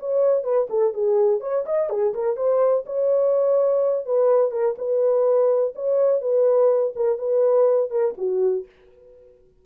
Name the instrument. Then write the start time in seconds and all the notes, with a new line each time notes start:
horn
0.00 C#5
0.44 B4
0.70 A4
0.94 G#4
1.41 C#5
1.66 D#5
1.90 G#4
2.15 A#4
2.37 C5
2.86 C#5
4.06 B4
4.51 A#4
4.79 B4
5.76 C#5
6.22 B4
6.96 A#4
7.19 B4
7.91 A#4
8.18 F#4